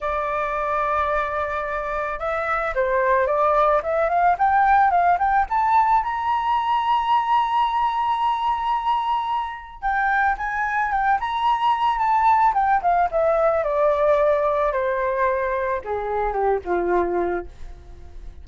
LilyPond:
\new Staff \with { instrumentName = "flute" } { \time 4/4 \tempo 4 = 110 d''1 | e''4 c''4 d''4 e''8 f''8 | g''4 f''8 g''8 a''4 ais''4~ | ais''1~ |
ais''2 g''4 gis''4 | g''8 ais''4. a''4 g''8 f''8 | e''4 d''2 c''4~ | c''4 gis'4 g'8 f'4. | }